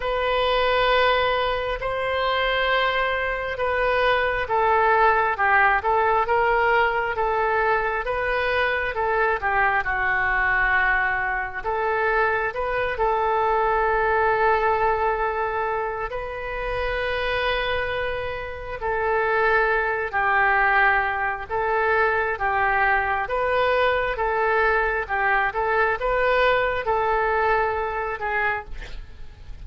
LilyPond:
\new Staff \with { instrumentName = "oboe" } { \time 4/4 \tempo 4 = 67 b'2 c''2 | b'4 a'4 g'8 a'8 ais'4 | a'4 b'4 a'8 g'8 fis'4~ | fis'4 a'4 b'8 a'4.~ |
a'2 b'2~ | b'4 a'4. g'4. | a'4 g'4 b'4 a'4 | g'8 a'8 b'4 a'4. gis'8 | }